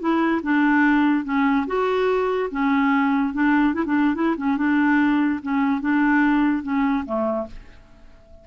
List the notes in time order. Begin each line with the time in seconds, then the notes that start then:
0.00 E4
0.43 D4
1.25 C#4
1.67 F#4
2.51 C#4
3.33 D4
3.74 E4
3.86 D4
4.15 E4
4.37 C#4
4.57 D4
5.42 C#4
5.81 D4
6.63 C#4
7.06 A3